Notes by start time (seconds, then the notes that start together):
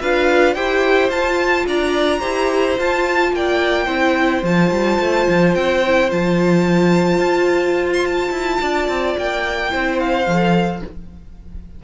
0.00 D4 F4 B4 F5
0.54 E4 G4 C5 G5
1.09 F4 A5
1.66 D4 D5 A#5
2.19 E4 G4 C5
2.78 F4 A5
3.32 A#3 D5 G5
3.85 C4 E4 C5
4.42 F3 F4 A5
4.71 G3
4.99 A3
5.28 F3
5.54 C4 G5
5.86 E4
6.09 F3 F4 A5
7.18 F4
7.93 C6
8.05 A5
8.31 E4
8.60 D4 D5
8.88 C4
9.18 A#3 G5
9.69 C4 E4 C5
9.99 F5
10.26 F3 A4